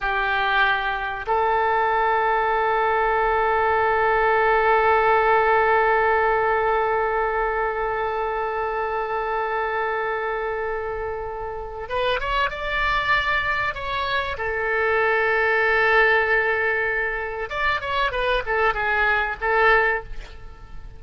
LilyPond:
\new Staff \with { instrumentName = "oboe" } { \time 4/4 \tempo 4 = 96 g'2 a'2~ | a'1~ | a'1~ | a'1~ |
a'2. b'8 cis''8 | d''2 cis''4 a'4~ | a'1 | d''8 cis''8 b'8 a'8 gis'4 a'4 | }